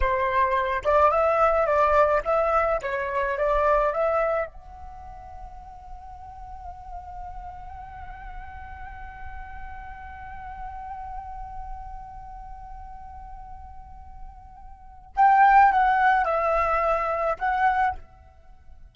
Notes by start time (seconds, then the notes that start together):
0.00 C5
0.84 D5
1.11 E5
1.66 D5
2.24 E5
2.82 C#5
3.37 D5
3.93 E5
4.46 F#5
15.16 G5
15.72 F#5
16.25 E5
17.39 F#5